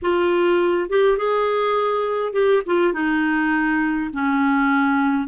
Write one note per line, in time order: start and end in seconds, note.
0.02 0.89 F4
0.89 1.17 G4
1.17 2.32 G#4
2.32 2.62 G4
2.66 2.93 F4
2.93 4.10 D#4
4.13 5.27 C#4